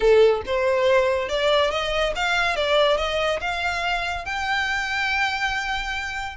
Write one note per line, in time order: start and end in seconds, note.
0.00 0.41 A4
0.45 1.29 C5
1.29 1.70 D5
1.70 2.13 D#5
2.15 2.56 F5
2.56 2.97 D5
2.97 3.39 D#5
3.40 4.25 F5
4.25 6.36 G5